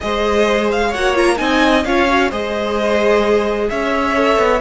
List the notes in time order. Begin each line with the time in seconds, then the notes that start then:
0.01 G#3 G#4 C5 D#5
0.71 F5
0.88 F#4 C#5 F#5
0.95 A#3
1.14 F4 A#5
1.37 C4 D#4 D#5 G#5
1.84 C#4 F4 C#5 F5
2.08 F#4
2.29 G#3 G#4 C5 D#5
3.69 C#4 C#5 E5
4.13 A4
4.38 B3